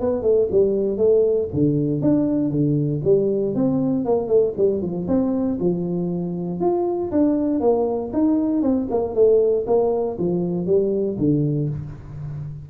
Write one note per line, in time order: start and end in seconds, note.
0.00 0.22 B3
0.22 0.47 A3
0.51 0.97 G3
0.97 1.48 A3
1.53 2.01 D3
2.01 2.51 D4
2.51 3.01 D3
3.04 3.55 G3
3.55 4.05 C4
4.05 4.27 A#3
4.27 4.53 A3
4.57 4.82 G3
4.82 5.07 F3
5.08 5.59 C4
5.60 6.60 F3
6.60 7.11 F4
7.11 7.60 D4
7.60 8.11 A#3
8.13 8.62 D#4
8.62 8.87 C4
8.91 9.14 A#3
9.14 9.65 A3
9.67 10.17 A#3
10.18 10.66 F3
10.66 11.17 G3
11.18 11.69 D3